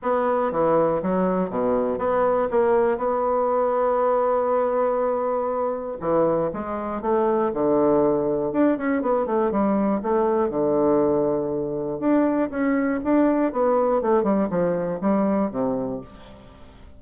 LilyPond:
\new Staff \with { instrumentName = "bassoon" } { \time 4/4 \tempo 4 = 120 b4 e4 fis4 b,4 | b4 ais4 b2~ | b1 | e4 gis4 a4 d4~ |
d4 d'8 cis'8 b8 a8 g4 | a4 d2. | d'4 cis'4 d'4 b4 | a8 g8 f4 g4 c4 | }